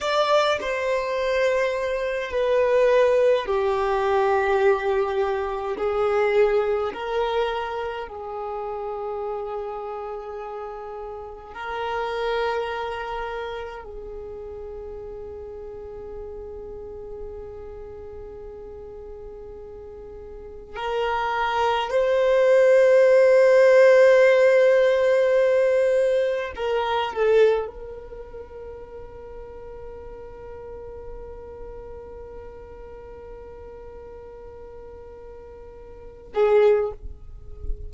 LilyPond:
\new Staff \with { instrumentName = "violin" } { \time 4/4 \tempo 4 = 52 d''8 c''4. b'4 g'4~ | g'4 gis'4 ais'4 gis'4~ | gis'2 ais'2 | gis'1~ |
gis'2 ais'4 c''4~ | c''2. ais'8 a'8 | ais'1~ | ais'2.~ ais'8 gis'8 | }